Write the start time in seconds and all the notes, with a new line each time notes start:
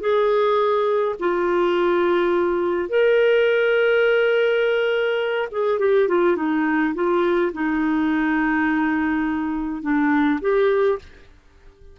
0.00 G#4
1.19 F4
2.89 A#4
5.51 G#4
5.79 G4
6.08 F4
6.36 D#4
6.95 F4
7.53 D#4
9.82 D4
10.41 G4